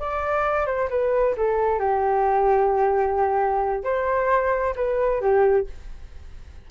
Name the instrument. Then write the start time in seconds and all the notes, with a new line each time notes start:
flute
0.00 D5
0.67 C5
0.90 B4
1.37 A4
1.80 G4
3.84 C5
4.76 B4
5.21 G4